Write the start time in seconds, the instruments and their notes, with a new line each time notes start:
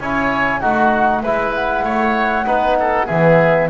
0.00 double bass C#4, trombone E4, oboe C#5, flute G#5
0.61 double bass A3, trombone D#4, oboe F#4, flute F#5
1.23 double bass G#3, trombone E4, oboe B4, flute E5
1.55 flute F#5
1.84 double bass A3, oboe C#5
2.46 double bass B3, trombone D#4, oboe B4
2.80 oboe A4
3.07 double bass E3, trombone B3, oboe G#4, flute E5